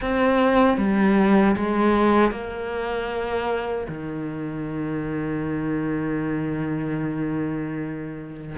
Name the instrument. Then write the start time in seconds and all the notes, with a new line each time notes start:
cello
0.01 C4
0.77 G3
1.56 G#3
2.31 A#3
3.88 D#3